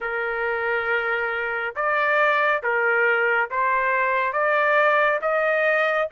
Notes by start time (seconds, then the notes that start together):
0.00 A#4
1.75 D5
2.62 A#4
3.50 C5
4.32 D5
5.21 D#5